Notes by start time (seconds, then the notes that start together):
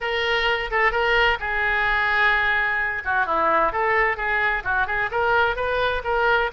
0.00 A#4
0.70 A4
0.91 A#4
1.40 G#4
3.04 F#4
3.26 E4
3.72 A4
4.16 G#4
4.64 F#4
4.86 G#4
5.11 A#4
5.56 B4
6.04 A#4